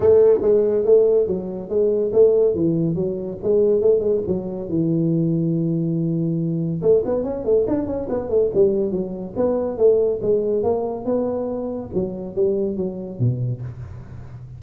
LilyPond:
\new Staff \with { instrumentName = "tuba" } { \time 4/4 \tempo 4 = 141 a4 gis4 a4 fis4 | gis4 a4 e4 fis4 | gis4 a8 gis8 fis4 e4~ | e1 |
a8 b8 cis'8 a8 d'8 cis'8 b8 a8 | g4 fis4 b4 a4 | gis4 ais4 b2 | fis4 g4 fis4 b,4 | }